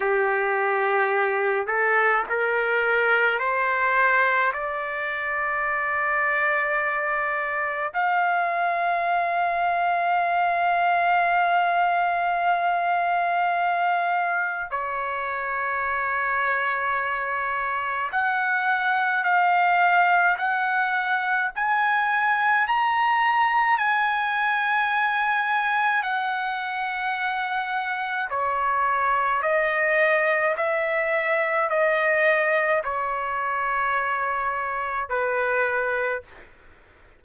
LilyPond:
\new Staff \with { instrumentName = "trumpet" } { \time 4/4 \tempo 4 = 53 g'4. a'8 ais'4 c''4 | d''2. f''4~ | f''1~ | f''4 cis''2. |
fis''4 f''4 fis''4 gis''4 | ais''4 gis''2 fis''4~ | fis''4 cis''4 dis''4 e''4 | dis''4 cis''2 b'4 | }